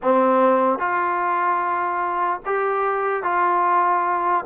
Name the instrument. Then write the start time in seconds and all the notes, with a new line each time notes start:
trombone
0.02 C4
0.79 F4
2.45 G4
3.22 F4